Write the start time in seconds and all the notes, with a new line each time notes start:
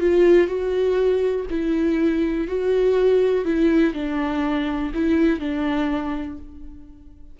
0.00 F4
0.48 F#4
1.50 E4
2.48 F#4
3.45 E4
3.94 D4
4.94 E4
5.40 D4